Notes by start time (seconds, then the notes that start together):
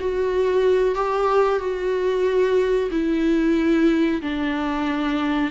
0.00 F#4
0.95 G4
1.59 F#4
2.91 E4
4.22 D4